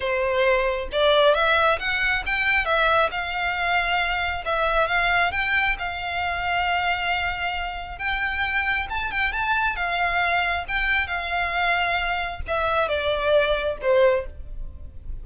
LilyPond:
\new Staff \with { instrumentName = "violin" } { \time 4/4 \tempo 4 = 135 c''2 d''4 e''4 | fis''4 g''4 e''4 f''4~ | f''2 e''4 f''4 | g''4 f''2.~ |
f''2 g''2 | a''8 g''8 a''4 f''2 | g''4 f''2. | e''4 d''2 c''4 | }